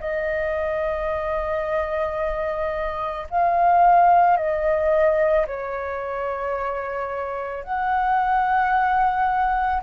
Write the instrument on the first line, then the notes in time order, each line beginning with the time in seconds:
flute
0.00 D#5
3.30 F5
4.37 D#5
5.47 C#5
7.64 F#5